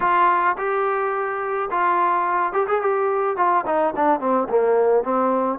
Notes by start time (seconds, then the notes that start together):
0.00 F4
0.57 G4
1.70 F4
2.52 G4
2.67 G#4
2.81 G4
3.36 F4
3.66 D#4
3.96 D4
4.20 C4
4.49 A#3
5.03 C4